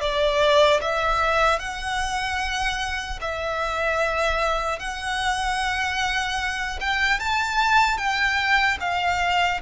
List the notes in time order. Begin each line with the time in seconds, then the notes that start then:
0.00 D5
0.81 E5
1.59 F#5
3.21 E5
4.79 F#5
6.80 G5
7.19 A5
7.97 G5
8.80 F5